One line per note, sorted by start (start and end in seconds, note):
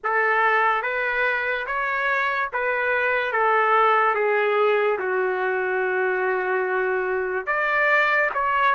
0.03 0.82 A4
0.82 1.66 B4
1.66 2.49 C#5
2.52 3.32 B4
3.32 4.14 A4
4.14 4.98 G#4
4.98 7.46 F#4
7.46 8.30 D5
8.33 8.75 C#5